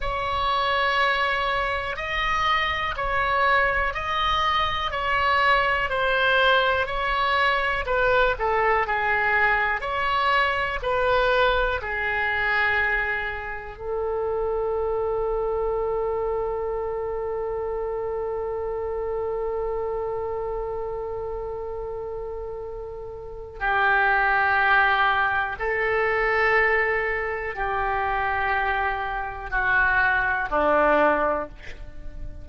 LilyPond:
\new Staff \with { instrumentName = "oboe" } { \time 4/4 \tempo 4 = 61 cis''2 dis''4 cis''4 | dis''4 cis''4 c''4 cis''4 | b'8 a'8 gis'4 cis''4 b'4 | gis'2 a'2~ |
a'1~ | a'1 | g'2 a'2 | g'2 fis'4 d'4 | }